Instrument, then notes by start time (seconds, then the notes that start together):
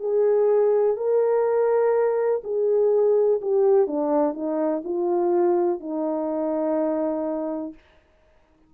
horn
0.00 G#4
0.97 A#4
2.44 G#4
3.41 G4
3.87 D4
4.34 D#4
4.84 F4
5.80 D#4